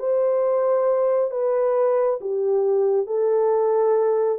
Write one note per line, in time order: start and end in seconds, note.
0.00 1.31 C5
1.31 2.19 B4
2.21 3.07 G4
3.07 4.39 A4